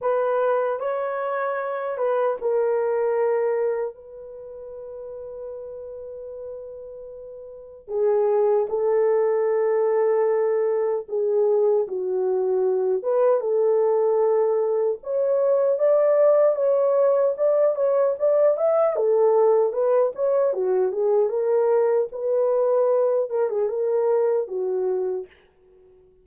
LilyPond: \new Staff \with { instrumentName = "horn" } { \time 4/4 \tempo 4 = 76 b'4 cis''4. b'8 ais'4~ | ais'4 b'2.~ | b'2 gis'4 a'4~ | a'2 gis'4 fis'4~ |
fis'8 b'8 a'2 cis''4 | d''4 cis''4 d''8 cis''8 d''8 e''8 | a'4 b'8 cis''8 fis'8 gis'8 ais'4 | b'4. ais'16 gis'16 ais'4 fis'4 | }